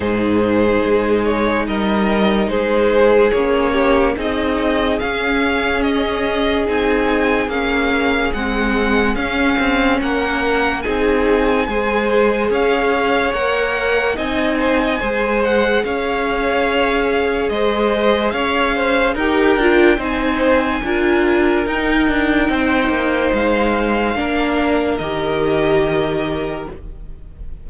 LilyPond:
<<
  \new Staff \with { instrumentName = "violin" } { \time 4/4 \tempo 4 = 72 c''4. cis''8 dis''4 c''4 | cis''4 dis''4 f''4 dis''4 | gis''4 f''4 fis''4 f''4 | fis''4 gis''2 f''4 |
fis''4 gis''4. fis''8 f''4~ | f''4 dis''4 f''4 g''4 | gis''2 g''2 | f''2 dis''2 | }
  \new Staff \with { instrumentName = "violin" } { \time 4/4 gis'2 ais'4 gis'4~ | gis'8 g'8 gis'2.~ | gis'1 | ais'4 gis'4 c''4 cis''4~ |
cis''4 dis''8 c''16 dis''16 c''4 cis''4~ | cis''4 c''4 cis''8 c''8 ais'4 | c''4 ais'2 c''4~ | c''4 ais'2. | }
  \new Staff \with { instrumentName = "viola" } { \time 4/4 dis'1 | cis'4 dis'4 cis'2 | dis'4 cis'4 c'4 cis'4~ | cis'4 dis'4 gis'2 |
ais'4 dis'4 gis'2~ | gis'2. g'8 f'8 | dis'4 f'4 dis'2~ | dis'4 d'4 g'2 | }
  \new Staff \with { instrumentName = "cello" } { \time 4/4 gis,4 gis4 g4 gis4 | ais4 c'4 cis'2 | c'4 ais4 gis4 cis'8 c'8 | ais4 c'4 gis4 cis'4 |
ais4 c'4 gis4 cis'4~ | cis'4 gis4 cis'4 dis'8 d'8 | c'4 d'4 dis'8 d'8 c'8 ais8 | gis4 ais4 dis2 | }
>>